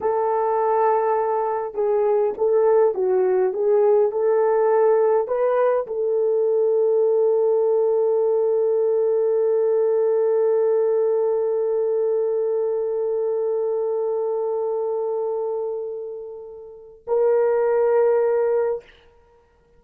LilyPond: \new Staff \with { instrumentName = "horn" } { \time 4/4 \tempo 4 = 102 a'2. gis'4 | a'4 fis'4 gis'4 a'4~ | a'4 b'4 a'2~ | a'1~ |
a'1~ | a'1~ | a'1~ | a'4 ais'2. | }